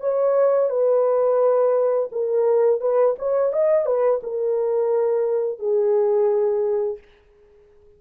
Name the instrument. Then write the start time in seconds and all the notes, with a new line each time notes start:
horn
0.00 C#5
0.70 B4
2.12 A#4
2.81 B4
3.18 C#5
3.53 D#5
3.86 B4
4.23 A#4
5.59 G#4